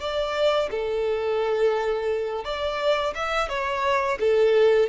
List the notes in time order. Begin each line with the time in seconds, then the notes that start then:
0.00 D5
0.70 A4
2.44 D5
3.15 E5
3.49 C#5
4.20 A4